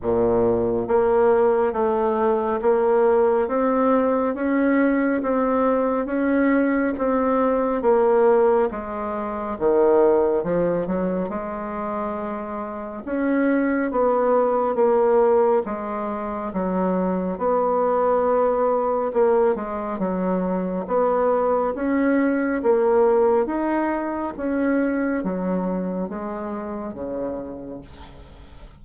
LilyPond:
\new Staff \with { instrumentName = "bassoon" } { \time 4/4 \tempo 4 = 69 ais,4 ais4 a4 ais4 | c'4 cis'4 c'4 cis'4 | c'4 ais4 gis4 dis4 | f8 fis8 gis2 cis'4 |
b4 ais4 gis4 fis4 | b2 ais8 gis8 fis4 | b4 cis'4 ais4 dis'4 | cis'4 fis4 gis4 cis4 | }